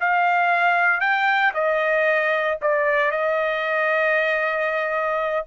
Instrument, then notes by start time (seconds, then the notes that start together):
trumpet
0.00 F5
1.01 G5
1.54 D#5
2.62 D5
3.12 D#5